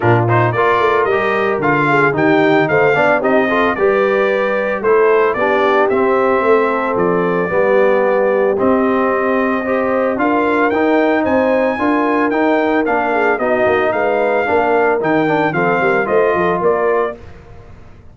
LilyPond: <<
  \new Staff \with { instrumentName = "trumpet" } { \time 4/4 \tempo 4 = 112 ais'8 c''8 d''4 dis''4 f''4 | g''4 f''4 dis''4 d''4~ | d''4 c''4 d''4 e''4~ | e''4 d''2. |
dis''2. f''4 | g''4 gis''2 g''4 | f''4 dis''4 f''2 | g''4 f''4 dis''4 d''4 | }
  \new Staff \with { instrumentName = "horn" } { \time 4/4 f'4 ais'2~ ais'8 gis'8 | g'4 c''8 d''8 g'8 a'8 b'4~ | b'4 a'4 g'2 | a'2 g'2~ |
g'2 c''4 ais'4~ | ais'4 c''4 ais'2~ | ais'8 gis'8 fis'4 b'4 ais'4~ | ais'4 a'8 ais'8 c''8 a'8 ais'4 | }
  \new Staff \with { instrumentName = "trombone" } { \time 4/4 d'8 dis'8 f'4 g'4 f'4 | dis'4. d'8 dis'8 f'8 g'4~ | g'4 e'4 d'4 c'4~ | c'2 b2 |
c'2 g'4 f'4 | dis'2 f'4 dis'4 | d'4 dis'2 d'4 | dis'8 d'8 c'4 f'2 | }
  \new Staff \with { instrumentName = "tuba" } { \time 4/4 ais,4 ais8 a8 g4 d4 | dis4 a8 b8 c'4 g4~ | g4 a4 b4 c'4 | a4 f4 g2 |
c'2. d'4 | dis'4 c'4 d'4 dis'4 | ais4 b8 ais8 gis4 ais4 | dis4 f8 g8 a8 f8 ais4 | }
>>